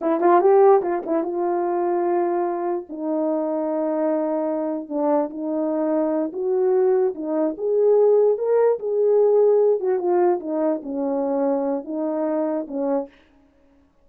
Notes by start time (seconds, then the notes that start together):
0.01 E4
0.20 F4
0.41 G4
0.82 F4
1.06 E4
1.23 F4
2.89 D#4
4.88 D4
5.29 D#4
6.32 F#4
7.14 D#4
7.57 G#4
8.38 A#4
8.79 G#4
9.80 F#4
9.98 F4
10.40 D#4
10.83 C#4
11.84 D#4
12.67 C#4